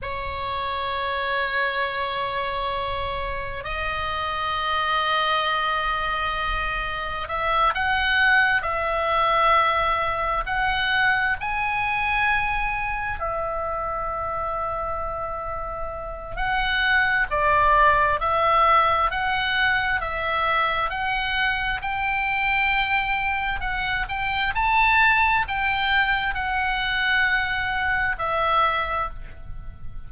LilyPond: \new Staff \with { instrumentName = "oboe" } { \time 4/4 \tempo 4 = 66 cis''1 | dis''1 | e''8 fis''4 e''2 fis''8~ | fis''8 gis''2 e''4.~ |
e''2 fis''4 d''4 | e''4 fis''4 e''4 fis''4 | g''2 fis''8 g''8 a''4 | g''4 fis''2 e''4 | }